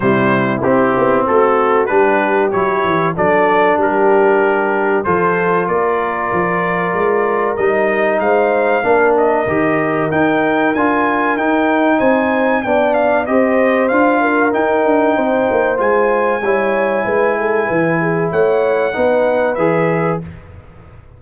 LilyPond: <<
  \new Staff \with { instrumentName = "trumpet" } { \time 4/4 \tempo 4 = 95 c''4 g'4 a'4 b'4 | cis''4 d''4 ais'2 | c''4 d''2. | dis''4 f''4. dis''4. |
g''4 gis''4 g''4 gis''4 | g''8 f''8 dis''4 f''4 g''4~ | g''4 gis''2.~ | gis''4 fis''2 e''4 | }
  \new Staff \with { instrumentName = "horn" } { \time 4/4 e'2 fis'4 g'4~ | g'4 a'4 g'2 | a'4 ais'2.~ | ais'4 c''4 ais'2~ |
ais'2. c''4 | d''4 c''4. ais'4. | c''2 cis''4 b'8 a'8 | b'8 gis'8 cis''4 b'2 | }
  \new Staff \with { instrumentName = "trombone" } { \time 4/4 g4 c'2 d'4 | e'4 d'2. | f'1 | dis'2 d'4 g'4 |
dis'4 f'4 dis'2 | d'4 g'4 f'4 dis'4~ | dis'4 f'4 e'2~ | e'2 dis'4 gis'4 | }
  \new Staff \with { instrumentName = "tuba" } { \time 4/4 c4 c'8 b8 a4 g4 | fis8 e8 fis4 g2 | f4 ais4 f4 gis4 | g4 gis4 ais4 dis4 |
dis'4 d'4 dis'4 c'4 | b4 c'4 d'4 dis'8 d'8 | c'8 ais8 gis4 g4 gis4 | e4 a4 b4 e4 | }
>>